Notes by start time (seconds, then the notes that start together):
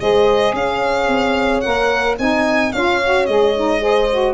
0.00 G#3 G#4 C5 D#5
0.54 C#4 C#5 F5
1.08 C4
1.61 A#3 A#4 F#5
2.19 C4 D#4 D#5 G#5
2.73 C#4 F4 C#5 F5
3.04 F#4
3.26 G#3 G#4 D#5
3.56 D#4
3.81 G#4 C5
4.12 F#4